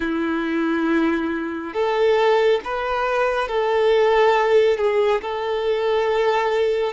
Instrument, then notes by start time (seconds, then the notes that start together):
violin
0.00 E4
1.73 A4
2.64 B4
3.48 A4
4.77 G#4
5.21 A4